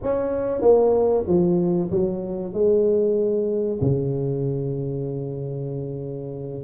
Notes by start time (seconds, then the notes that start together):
0.02 C#4
0.61 A#3
1.27 F3
1.90 F#3
2.53 G#3
3.81 C#3